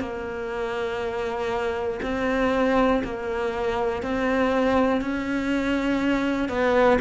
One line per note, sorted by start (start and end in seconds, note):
0.00 2.00 A#3
2.02 3.02 C4
3.04 4.02 A#3
4.02 5.01 C4
5.01 6.48 C#4
6.48 6.98 B3